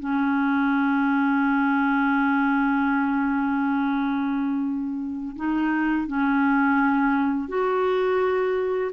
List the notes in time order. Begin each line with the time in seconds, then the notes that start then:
0.00 C#4
5.37 D#4
6.08 C#4
7.49 F#4